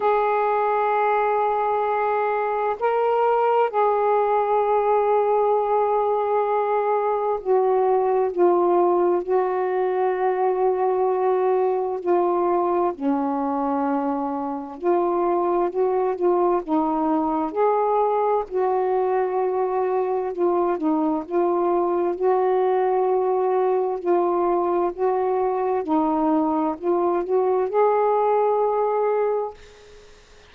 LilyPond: \new Staff \with { instrumentName = "saxophone" } { \time 4/4 \tempo 4 = 65 gis'2. ais'4 | gis'1 | fis'4 f'4 fis'2~ | fis'4 f'4 cis'2 |
f'4 fis'8 f'8 dis'4 gis'4 | fis'2 f'8 dis'8 f'4 | fis'2 f'4 fis'4 | dis'4 f'8 fis'8 gis'2 | }